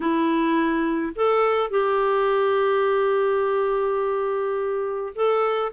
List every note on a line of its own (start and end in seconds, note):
0.00 1.13 E4
1.15 1.70 A4
1.70 5.13 G4
5.15 5.72 A4